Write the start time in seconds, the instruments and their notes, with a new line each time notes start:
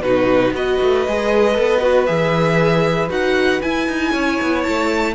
0.00 cello B2, viola D#4, violin F#4 B4
0.52 cello B3, viola F#4, violin B4 D#5
0.81 cello A3
1.07 cello G#3, viola G#4
1.54 cello B3, viola A4
1.81 viola F#4
2.05 cello E3, viola G#4, violin E5
3.09 cello D#4, viola F#4, violin F#5
3.61 viola E4, cello E4, violin G#5
3.87 cello D#4
4.11 cello C#4, violin C#5
4.41 cello B3
4.62 cello A3, violin A5